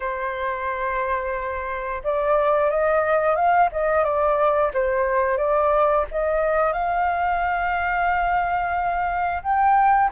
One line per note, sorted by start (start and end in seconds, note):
0.00 2.02 C5
2.03 2.70 D5
2.70 3.35 D#5
3.35 3.69 F5
3.72 4.04 D#5
4.04 4.71 D5
4.73 5.37 C5
5.37 6.05 D5
6.11 6.72 D#5
6.72 9.42 F5
9.42 10.10 G5